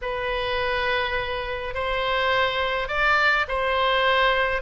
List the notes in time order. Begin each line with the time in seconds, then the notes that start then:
0.01 B4
1.74 C5
2.88 D5
3.48 C5